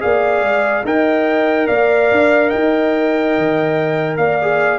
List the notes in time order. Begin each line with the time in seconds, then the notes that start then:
0.00 A#3 G#4 D5 F5
0.42 G#3
0.85 D#4 A#4 D#5 G5
1.67 A#3 D5 F5
2.12 D4
2.50 D#4 D#5 G5
3.38 D#3
4.17 A#3 D5 F5
4.42 G#4